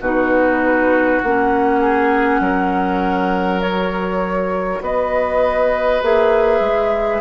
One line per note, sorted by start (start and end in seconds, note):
0.00 1.20 B2
0.00 1.24 D#4
0.00 1.80 F#4
0.00 1.21 B4
1.22 2.40 A#3
1.22 3.63 C#4
1.22 3.61 F#5
1.80 2.40 G#4
2.40 4.80 F#3
2.40 4.82 A#4
3.61 6.03 F#4
3.61 4.81 C#5
4.80 6.00 B3
4.80 7.21 B4
4.80 6.03 D#5
6.02 6.60 A#3
6.02 7.21 G#4
6.02 7.21 E5
6.60 7.20 G#3